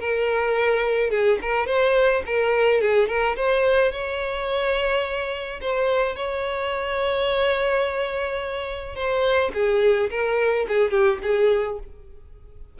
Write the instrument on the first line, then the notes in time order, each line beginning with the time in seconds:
violin
0.00 A#4
1.11 G#4
1.42 A#4
1.67 C5
2.26 A#4
2.81 G#4
3.08 A#4
3.36 C5
3.92 C#5
5.61 C5
6.16 C#5
8.96 C5
9.54 G#4
10.10 A#4
10.69 G#4
10.91 G4
11.23 G#4